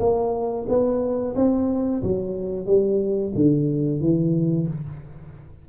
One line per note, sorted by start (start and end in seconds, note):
0.00 0.67 A#3
0.69 1.35 B3
1.36 2.03 C4
2.03 2.66 F#3
2.66 3.33 G3
3.35 4.01 D3
4.01 4.68 E3